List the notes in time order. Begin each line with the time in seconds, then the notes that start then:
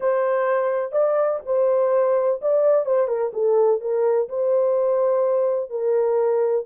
0.00 C5
0.92 D5
1.45 C5
2.41 D5
2.85 C5
3.07 A#4
3.33 A4
3.81 A#4
4.28 C5
5.70 A#4